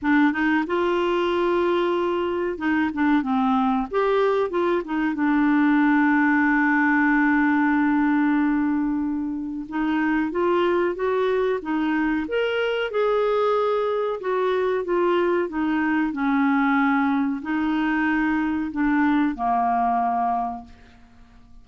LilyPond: \new Staff \with { instrumentName = "clarinet" } { \time 4/4 \tempo 4 = 93 d'8 dis'8 f'2. | dis'8 d'8 c'4 g'4 f'8 dis'8 | d'1~ | d'2. dis'4 |
f'4 fis'4 dis'4 ais'4 | gis'2 fis'4 f'4 | dis'4 cis'2 dis'4~ | dis'4 d'4 ais2 | }